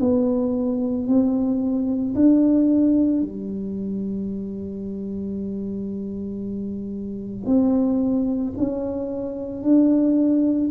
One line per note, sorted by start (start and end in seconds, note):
0.00 1.07 B3
1.07 2.14 C4
2.15 3.21 D4
3.21 7.46 G3
7.46 8.53 C4
8.57 9.63 C#4
9.63 10.70 D4